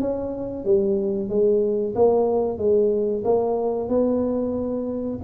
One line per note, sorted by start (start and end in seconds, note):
0.00 0.64 C#4
0.64 1.29 G3
1.29 1.94 G#3
1.95 2.58 A#3
2.58 3.23 G#3
3.24 3.88 A#3
3.88 5.19 B3